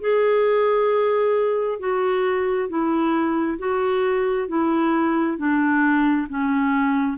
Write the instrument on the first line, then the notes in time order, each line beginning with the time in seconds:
clarinet
0.00 G#4
1.79 F#4
2.69 E4
3.58 F#4
4.48 E4
5.38 D4
6.28 C#4